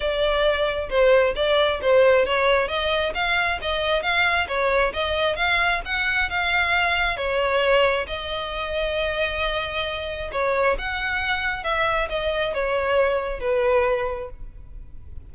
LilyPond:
\new Staff \with { instrumentName = "violin" } { \time 4/4 \tempo 4 = 134 d''2 c''4 d''4 | c''4 cis''4 dis''4 f''4 | dis''4 f''4 cis''4 dis''4 | f''4 fis''4 f''2 |
cis''2 dis''2~ | dis''2. cis''4 | fis''2 e''4 dis''4 | cis''2 b'2 | }